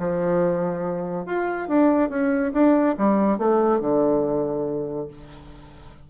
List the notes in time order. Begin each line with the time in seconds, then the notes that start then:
0.00 F3
1.26 F4
1.69 D4
2.10 C#4
2.53 D4
2.98 G3
3.39 A3
3.81 D3